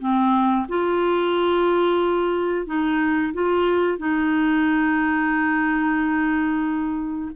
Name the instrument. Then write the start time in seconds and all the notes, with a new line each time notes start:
clarinet
0.00 C4
0.69 F4
2.67 D#4
3.34 F4
3.99 D#4